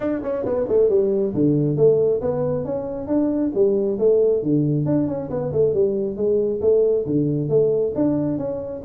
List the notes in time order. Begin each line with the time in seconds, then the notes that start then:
0.00 D4
0.22 C#4
0.45 B3
0.68 A3
0.89 G3
1.34 D3
1.76 A3
2.21 B3
2.65 C#4
3.07 D4
3.54 G3
3.98 A3
4.43 D3
4.85 D4
5.07 C#4
5.30 B3
5.52 A3
5.73 G3
6.16 G#3
6.61 A3
7.05 D3
7.49 A3
7.95 D4
8.37 C#4